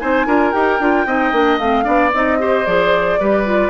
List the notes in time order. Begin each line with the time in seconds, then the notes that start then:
0.00 C4 D#4 C5 G#5
0.27 D4 F4 A#4
0.52 D#4 G4 G5
0.80 D4 F4
1.06 C4 D#4 D#5
1.33 A#3 D4
1.58 A3 C4 F5
1.84 B3 D4 D5
2.14 C4 D#4 D#5
2.40 G4 C5
2.66 F3 G#4 D5
3.20 G3 G4 B4
3.46 F4